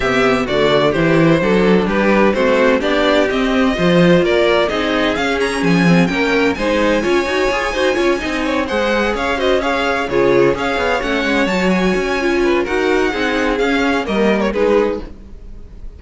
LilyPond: <<
  \new Staff \with { instrumentName = "violin" } { \time 4/4 \tempo 4 = 128 e''4 d''4 c''2 | b'4 c''4 d''4 dis''4~ | dis''4 d''4 dis''4 f''8 ais''8 | gis''4 g''4 gis''2~ |
gis''2~ gis''8 fis''4 f''8 | dis''8 f''4 cis''4 f''4 fis''8~ | fis''8 a''8 gis''2 fis''4~ | fis''4 f''4 dis''8. cis''16 b'4 | }
  \new Staff \with { instrumentName = "violin" } { \time 4/4 g'4 fis'4 g'4 a'4 | g'4 fis'4 g'2 | c''4 ais'4 gis'2~ | gis'4 ais'4 c''4 cis''4~ |
cis''8 c''8 cis''8 dis''8 cis''8 c''4 cis''8 | c''8 cis''4 gis'4 cis''4.~ | cis''2~ cis''8 b'8 ais'4 | gis'2 ais'4 gis'4 | }
  \new Staff \with { instrumentName = "viola" } { \time 4/4 b4 a4 e'4 d'4~ | d'4 c'4 d'4 c'4 | f'2 dis'4 cis'4~ | cis'8 c'8 cis'4 dis'4 f'8 fis'8 |
gis'8 fis'8 f'8 dis'4 gis'4. | fis'8 gis'4 f'4 gis'4 cis'8~ | cis'8 fis'4. f'4 fis'4 | dis'4 cis'4 ais4 dis'4 | }
  \new Staff \with { instrumentName = "cello" } { \time 4/4 c4 d4 e4 fis4 | g4 a4 b4 c'4 | f4 ais4 c'4 cis'4 | f4 ais4 gis4 cis'8 dis'8 |
f'8 dis'8 cis'8 c'4 gis4 cis'8~ | cis'4. cis4 cis'8 b8 a8 | gis8 fis4 cis'4. dis'4 | c'4 cis'4 g4 gis4 | }
>>